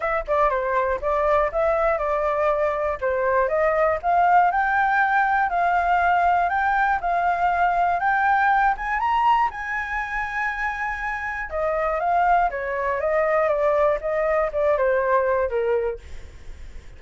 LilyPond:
\new Staff \with { instrumentName = "flute" } { \time 4/4 \tempo 4 = 120 e''8 d''8 c''4 d''4 e''4 | d''2 c''4 dis''4 | f''4 g''2 f''4~ | f''4 g''4 f''2 |
g''4. gis''8 ais''4 gis''4~ | gis''2. dis''4 | f''4 cis''4 dis''4 d''4 | dis''4 d''8 c''4. ais'4 | }